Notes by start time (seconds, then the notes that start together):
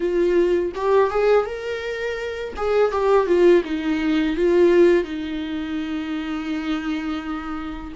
0.00 F4
0.74 G4
1.10 G#4
1.45 A#4
2.56 G#4
2.91 G4
3.26 F4
3.64 D#4
4.36 F4
5.04 D#4